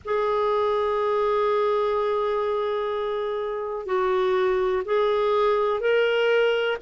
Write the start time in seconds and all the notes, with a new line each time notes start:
0.04 G#4
3.85 F#4
4.85 G#4
5.80 A#4